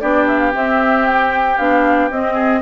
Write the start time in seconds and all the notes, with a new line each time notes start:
0.00 B3 D4 G4 D5
0.27 E5
0.39 F5
0.52 C4 E5
1.07 G5
1.57 B3 D4 F5
2.10 C4 D#5
2.33 G#4